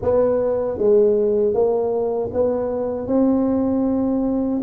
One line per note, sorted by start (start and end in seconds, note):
0.01 0.78 B3
0.78 1.53 G#3
1.53 2.30 A#3
2.33 3.07 B3
3.07 4.61 C4